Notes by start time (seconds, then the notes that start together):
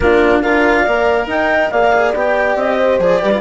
0.00 A#3 D4 F4 A#4
0.41 D4 F4 A#4 F5
0.81 A#3 A#4 D5
1.26 D#4 D#5 G5
1.70 A#3 G#4 D5 F5
1.84 A#4
1.92 G#4
2.14 B3 G4 G5
2.55 C4 D#5
2.78 C5
2.99 F3 G#4 D5
3.19 G3 G4 B4
3.31 F4